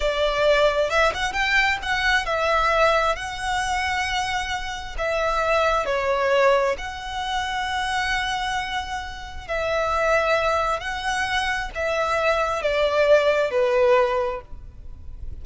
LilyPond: \new Staff \with { instrumentName = "violin" } { \time 4/4 \tempo 4 = 133 d''2 e''8 fis''8 g''4 | fis''4 e''2 fis''4~ | fis''2. e''4~ | e''4 cis''2 fis''4~ |
fis''1~ | fis''4 e''2. | fis''2 e''2 | d''2 b'2 | }